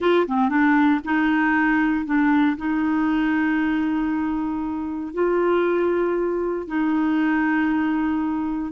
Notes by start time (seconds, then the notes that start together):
0.00 F4
0.27 C4
0.49 D4
1.04 D#4
2.05 D4
2.57 D#4
5.13 F4
6.67 D#4